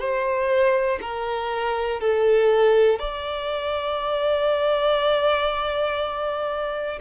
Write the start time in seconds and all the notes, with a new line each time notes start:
0.00 C5
1.02 A#4
2.01 A4
3.00 D5